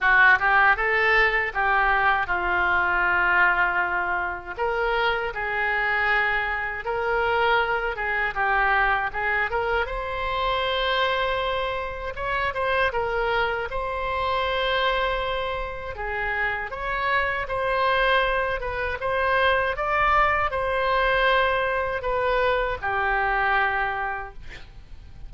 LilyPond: \new Staff \with { instrumentName = "oboe" } { \time 4/4 \tempo 4 = 79 fis'8 g'8 a'4 g'4 f'4~ | f'2 ais'4 gis'4~ | gis'4 ais'4. gis'8 g'4 | gis'8 ais'8 c''2. |
cis''8 c''8 ais'4 c''2~ | c''4 gis'4 cis''4 c''4~ | c''8 b'8 c''4 d''4 c''4~ | c''4 b'4 g'2 | }